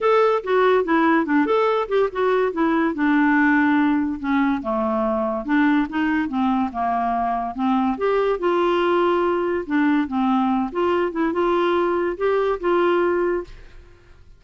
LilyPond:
\new Staff \with { instrumentName = "clarinet" } { \time 4/4 \tempo 4 = 143 a'4 fis'4 e'4 d'8 a'8~ | a'8 g'8 fis'4 e'4 d'4~ | d'2 cis'4 a4~ | a4 d'4 dis'4 c'4 |
ais2 c'4 g'4 | f'2. d'4 | c'4. f'4 e'8 f'4~ | f'4 g'4 f'2 | }